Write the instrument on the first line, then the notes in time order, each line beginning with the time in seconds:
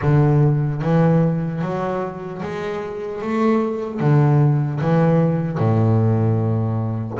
double bass
0.01 D3
0.81 E3
1.61 F#3
2.42 G#3
3.21 A3
4.00 D3
4.80 E3
5.57 A2